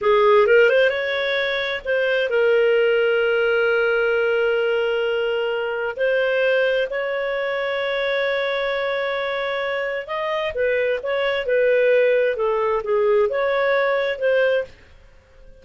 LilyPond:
\new Staff \with { instrumentName = "clarinet" } { \time 4/4 \tempo 4 = 131 gis'4 ais'8 c''8 cis''2 | c''4 ais'2.~ | ais'1~ | ais'4 c''2 cis''4~ |
cis''1~ | cis''2 dis''4 b'4 | cis''4 b'2 a'4 | gis'4 cis''2 c''4 | }